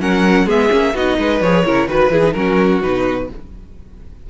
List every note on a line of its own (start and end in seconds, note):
0.00 0.46 F#3
0.00 0.47 C#4
0.00 0.47 A#4
0.00 0.48 F#5
0.46 0.70 G#3
0.46 0.70 B3
0.46 0.93 G#4
0.46 0.97 E5
0.70 0.94 A#3
0.70 0.93 C#4
0.94 1.17 B3
0.94 1.43 D#4
0.94 1.18 F#4
0.94 1.41 D#5
1.18 1.41 G#3
1.18 1.66 B4
1.41 1.64 F3
1.41 1.65 G#4
1.41 1.88 C#5
1.65 1.88 C#3
1.65 1.88 E4
1.65 1.88 A#4
1.88 2.10 D#3
1.88 2.11 F#4
1.88 2.35 B4
1.88 2.13 B4
2.10 2.34 E3
2.10 2.23 E4
2.10 2.33 G#4
2.23 2.35 D#4
2.33 2.83 F#3
2.33 2.82 C#4
2.33 3.29 F#4
2.33 2.80 A#4
2.82 3.30 B2
2.82 3.29 D#4
2.82 3.30 B4